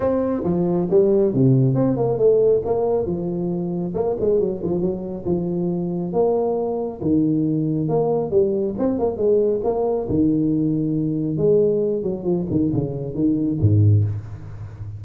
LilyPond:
\new Staff \with { instrumentName = "tuba" } { \time 4/4 \tempo 4 = 137 c'4 f4 g4 c4 | c'8 ais8 a4 ais4 f4~ | f4 ais8 gis8 fis8 f8 fis4 | f2 ais2 |
dis2 ais4 g4 | c'8 ais8 gis4 ais4 dis4~ | dis2 gis4. fis8 | f8 dis8 cis4 dis4 gis,4 | }